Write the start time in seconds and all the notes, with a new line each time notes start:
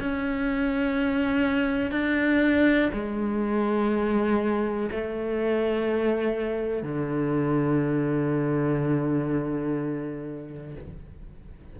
0.00 C#4
1.91 D4
2.93 G#3
4.91 A3
6.82 D3